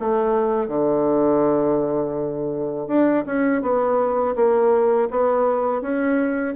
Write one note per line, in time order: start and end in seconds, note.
0.00 0.68 A3
0.68 2.88 D3
2.88 3.25 D4
3.26 3.62 C#4
3.62 4.35 B3
4.36 5.09 A#3
5.11 5.82 B3
5.82 6.55 C#4